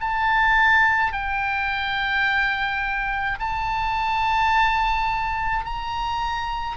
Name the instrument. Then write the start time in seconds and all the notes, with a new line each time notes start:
oboe
0.00 A5
1.12 G5
3.39 A5
5.65 A#5